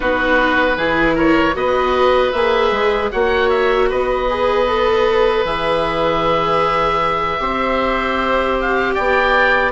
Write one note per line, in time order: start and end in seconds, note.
0.00 0.76 B3
0.00 0.77 D#4
0.00 0.77 F#4
0.00 1.17 B4
0.76 1.54 E3
0.76 1.54 E4
0.76 1.14 G#4
1.14 1.53 A#4
1.14 1.56 C#5
1.54 2.32 B3
1.54 2.31 F#4
1.54 3.12 B4
1.54 2.31 D#5
2.31 2.71 A#3
2.31 3.11 G#4
2.31 3.09 E5
2.71 3.10 G#3
3.11 3.91 A#3
3.11 4.28 F#4
3.11 3.89 C#5
3.11 3.49 F#5
3.49 3.88 E5
3.89 5.44 B3
3.89 7.40 B4
3.89 5.45 D#5
4.29 4.67 G#4
4.67 5.45 A4
5.44 7.39 E3
5.44 7.39 G#4
5.44 8.57 E5
7.39 8.95 C4
7.39 9.72 G4
7.39 8.94 C5
8.60 8.94 F5
8.94 9.72 B3
8.94 9.72 D5
8.94 9.72 G5